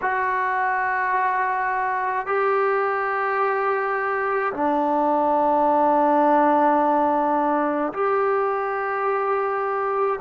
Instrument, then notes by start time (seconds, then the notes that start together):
trombone
0.01 F#4
2.26 G4
4.53 D4
7.93 G4